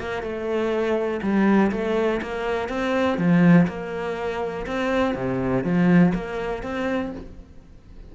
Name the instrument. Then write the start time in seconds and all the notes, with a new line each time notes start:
cello
0.00 A#3
0.23 A3
1.23 G3
1.72 A3
2.22 A#3
2.69 C4
3.18 F3
3.68 A#3
4.67 C4
5.15 C3
5.64 F3
6.15 A#3
6.63 C4